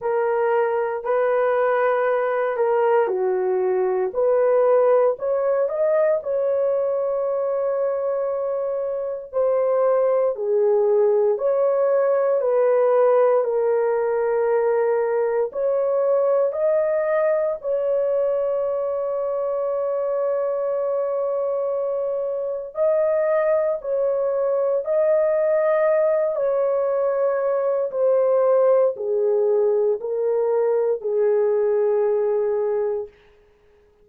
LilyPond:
\new Staff \with { instrumentName = "horn" } { \time 4/4 \tempo 4 = 58 ais'4 b'4. ais'8 fis'4 | b'4 cis''8 dis''8 cis''2~ | cis''4 c''4 gis'4 cis''4 | b'4 ais'2 cis''4 |
dis''4 cis''2.~ | cis''2 dis''4 cis''4 | dis''4. cis''4. c''4 | gis'4 ais'4 gis'2 | }